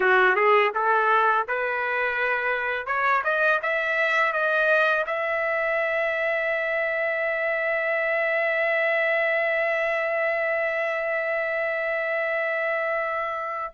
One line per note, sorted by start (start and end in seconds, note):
0.00 0.35 F#4
0.35 0.71 G#4
0.74 1.46 A4
1.48 2.86 B4
2.86 3.22 C#5
3.24 3.60 D#5
3.62 4.32 E5
4.32 5.05 D#5
5.06 13.73 E5